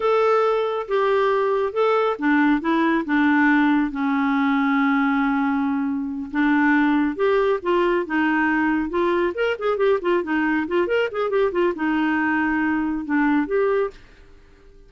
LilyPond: \new Staff \with { instrumentName = "clarinet" } { \time 4/4 \tempo 4 = 138 a'2 g'2 | a'4 d'4 e'4 d'4~ | d'4 cis'2.~ | cis'2~ cis'8 d'4.~ |
d'8 g'4 f'4 dis'4.~ | dis'8 f'4 ais'8 gis'8 g'8 f'8 dis'8~ | dis'8 f'8 ais'8 gis'8 g'8 f'8 dis'4~ | dis'2 d'4 g'4 | }